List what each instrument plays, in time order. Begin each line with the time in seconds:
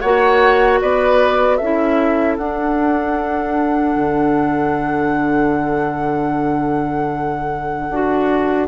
0.00 bassoon A#3, clarinet F#4, oboe C#5, flute F#5
0.81 bassoon B3, oboe B4, flute D5
1.56 bassoon C#4, clarinet E4, oboe A4, flute E5
2.37 bassoon D4, clarinet D4, flute F#5
3.95 bassoon D3
7.89 bassoon D4, clarinet F#4